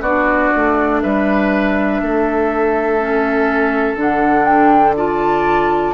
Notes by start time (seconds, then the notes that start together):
0.00 B3 D4 F#4 D5
0.55 A3
1.01 G3 B4 E5
2.01 A3 A4
3.00 C#4
3.95 D3 D4 F#5
4.44 G5
4.96 F4 D5 A5